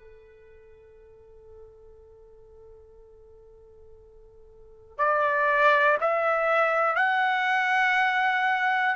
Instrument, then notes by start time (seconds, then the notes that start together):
trumpet
0.00 A4
4.98 D5
6.00 E5
6.95 F#5